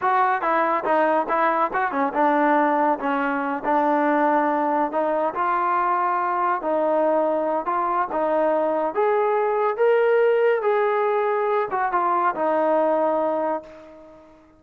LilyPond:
\new Staff \with { instrumentName = "trombone" } { \time 4/4 \tempo 4 = 141 fis'4 e'4 dis'4 e'4 | fis'8 cis'8 d'2 cis'4~ | cis'8 d'2. dis'8~ | dis'8 f'2. dis'8~ |
dis'2 f'4 dis'4~ | dis'4 gis'2 ais'4~ | ais'4 gis'2~ gis'8 fis'8 | f'4 dis'2. | }